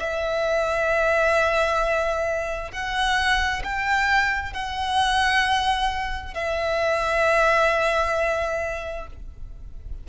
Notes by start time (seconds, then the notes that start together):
0.00 E5
2.72 F#5
3.64 G5
4.54 F#5
6.35 E5